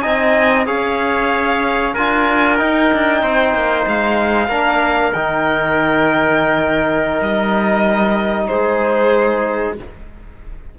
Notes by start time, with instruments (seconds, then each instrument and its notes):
0.00 cello C4, trombone D#4, trumpet D#5, violin G#5
0.66 cello C#4, trombone G#4, trumpet C#5, violin F5
1.94 cello D4, trombone F4, trumpet A#4, violin G#5
2.57 trombone D#4, cello D#4, violin G5
2.93 cello D4
3.23 cello C4, trumpet C5
3.54 cello A#3
3.87 cello G#3, violin F5
4.48 cello A#3, trombone D4, trumpet A#4
5.13 cello D#3, trombone D#4, violin G5
7.21 cello G3, violin D#5
8.47 cello G#3, trumpet G#4, violin C5